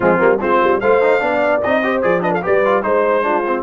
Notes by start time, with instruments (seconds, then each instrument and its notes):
0.00 tuba F3, trombone G#3, horn C4, trumpet F4
0.18 tuba G3, trombone A#3
0.40 tuba G#3, trombone C4, horn F4, trumpet C5
0.64 tuba G3
0.80 tuba A3, trombone F4, horn C5, trumpet F5
1.02 trombone D#4
1.20 tuba B3, trombone D4, horn D5
1.62 tuba C4, trombone D#4, trumpet D#5
1.83 trombone G4, horn C5
2.02 tuba F3, trombone G#4, trumpet D5
2.20 trombone D4, horn B4, trumpet D#5
2.31 horn A4, trumpet F5
2.41 tuba G3, trombone G4, horn B4, trumpet D5
2.65 trombone F4
2.82 tuba G#3, trombone D#4, trumpet C5, horn C5
3.22 trombone D4, horn F4
3.46 trombone C4